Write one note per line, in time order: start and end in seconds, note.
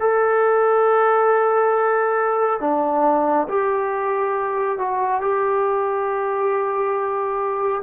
0.00 2.60 A4
2.60 3.47 D4
3.49 4.79 G4
4.79 5.21 F#4
5.21 7.82 G4